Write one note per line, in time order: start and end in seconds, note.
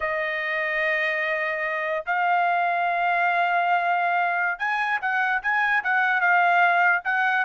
0.00 2.04 D#5
2.06 4.58 F5
4.58 4.99 G#5
5.01 5.42 F#5
5.42 5.83 G#5
5.83 6.20 F#5
6.20 7.02 F5
7.04 7.45 F#5